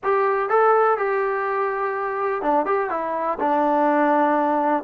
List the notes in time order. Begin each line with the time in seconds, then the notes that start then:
0.03 G4
0.49 A4
0.97 G4
2.42 D4
2.65 G4
2.90 E4
3.39 D4